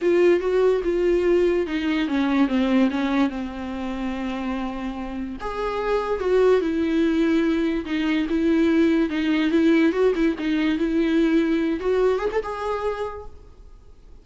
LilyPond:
\new Staff \with { instrumentName = "viola" } { \time 4/4 \tempo 4 = 145 f'4 fis'4 f'2 | dis'4 cis'4 c'4 cis'4 | c'1~ | c'4 gis'2 fis'4 |
e'2. dis'4 | e'2 dis'4 e'4 | fis'8 e'8 dis'4 e'2~ | e'8 fis'4 gis'16 a'16 gis'2 | }